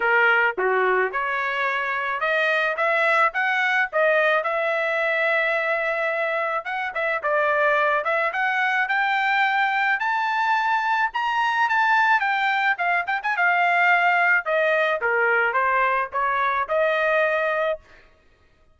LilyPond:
\new Staff \with { instrumentName = "trumpet" } { \time 4/4 \tempo 4 = 108 ais'4 fis'4 cis''2 | dis''4 e''4 fis''4 dis''4 | e''1 | fis''8 e''8 d''4. e''8 fis''4 |
g''2 a''2 | ais''4 a''4 g''4 f''8 g''16 gis''16 | f''2 dis''4 ais'4 | c''4 cis''4 dis''2 | }